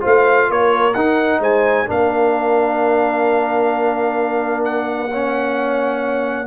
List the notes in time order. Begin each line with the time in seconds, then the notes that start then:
0.00 A3 F4 C5 F5
0.49 A#3 A#4 C#5
0.94 D#4 F#5
1.39 G#3 C5 G#5
1.86 A#3 D4 A#4 F5
4.64 F#5
4.98 B4
5.10 C#4 C#5